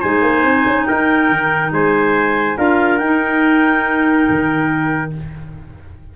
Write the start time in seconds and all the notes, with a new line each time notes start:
0.00 G#3 D#4 C5 G#5
0.22 A#3
0.44 C4
0.67 C#4
0.86 D#4 A#4 G5
1.30 D#3
1.72 G#3 C5 G#5
2.57 D4 F4 A#4 F5
2.98 D#4 G5
3.04 D#4
4.30 D#3